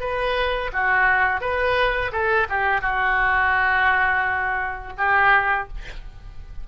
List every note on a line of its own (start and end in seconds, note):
0.00 0.71 B4
0.73 1.41 F#4
1.41 2.11 B4
2.12 2.47 A4
2.49 2.81 G4
2.81 4.93 F#4
4.97 5.68 G4